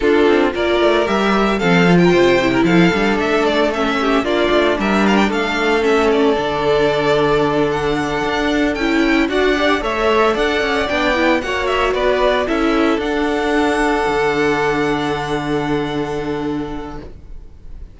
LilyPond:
<<
  \new Staff \with { instrumentName = "violin" } { \time 4/4 \tempo 4 = 113 a'4 d''4 e''4 f''8. g''16~ | g''4 f''4 e''8 d''8 e''4 | d''4 e''8 f''16 g''16 f''4 e''8 d''8~ | d''2~ d''8 fis''4.~ |
fis''8 g''4 fis''4 e''4 fis''8~ | fis''8 g''4 fis''8 e''8 d''4 e''8~ | e''8 fis''2.~ fis''8~ | fis''1 | }
  \new Staff \with { instrumentName = "violin" } { \time 4/4 f'4 ais'2 a'8. ais'16 | c''8. ais'16 a'2~ a'8 g'8 | f'4 ais'4 a'2~ | a'1~ |
a'4. d''4 cis''4 d''8~ | d''4. cis''4 b'4 a'8~ | a'1~ | a'1 | }
  \new Staff \with { instrumentName = "viola" } { \time 4/4 d'4 f'4 g'4 c'8 f'8~ | f'8 e'4 d'4. cis'4 | d'2. cis'4 | d'1~ |
d'8 e'4 fis'8 g'8 a'4.~ | a'8 d'8 e'8 fis'2 e'8~ | e'8 d'2.~ d'8~ | d'1 | }
  \new Staff \with { instrumentName = "cello" } { \time 4/4 d'8 c'8 ais8 a8 g4 f4 | c4 f8 g8 a2 | ais8 a8 g4 a2 | d2.~ d8 d'8~ |
d'8 cis'4 d'4 a4 d'8 | cis'8 b4 ais4 b4 cis'8~ | cis'8 d'2 d4.~ | d1 | }
>>